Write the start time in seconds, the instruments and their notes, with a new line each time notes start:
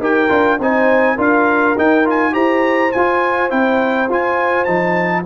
0.00 tuba D#4, trombone G4, horn A#4, trumpet G5
0.29 tuba D4, trombone F4
0.59 tuba C4, trombone D#4, horn C5, trumpet G#5
1.16 tuba D4, trombone F4, horn A#4, trumpet F5
1.78 tuba D#4, trombone D#4, trumpet G5
2.05 trombone F4, trumpet G#5
2.32 tuba E4, trombone G4, horn C5, trumpet A#5
2.92 tuba F4, trombone F4, trumpet G#5
3.50 tuba C4, trombone E4, trumpet G5
4.09 tuba F4, trombone F4, trumpet G#5
4.65 tuba F3, trombone D#4, trumpet A5